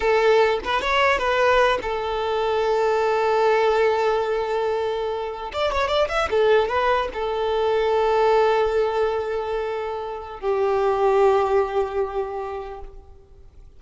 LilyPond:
\new Staff \with { instrumentName = "violin" } { \time 4/4 \tempo 4 = 150 a'4. b'8 cis''4 b'4~ | b'8 a'2.~ a'8~ | a'1~ | a'4.~ a'16 d''8 cis''8 d''8 e''8 a'16~ |
a'8. b'4 a'2~ a'16~ | a'1~ | a'2 g'2~ | g'1 | }